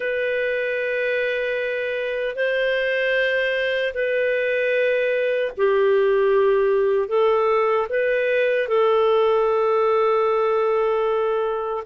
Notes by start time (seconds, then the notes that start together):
0.00 B4
2.35 C5
3.93 B4
5.57 G4
7.08 A4
7.89 B4
8.68 A4